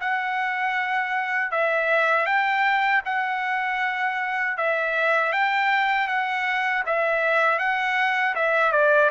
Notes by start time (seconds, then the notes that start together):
0.00 F#5
1.51 E5
2.25 G5
3.05 F#5
4.57 E5
5.32 G5
6.07 F#5
6.86 E5
7.58 F#5
8.35 E5
8.71 D5